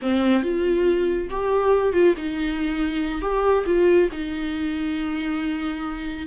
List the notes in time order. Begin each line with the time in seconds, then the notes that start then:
0.02 C4
0.43 F4
1.29 G4
1.92 F4
2.17 D#4
3.21 G4
3.66 F4
4.11 D#4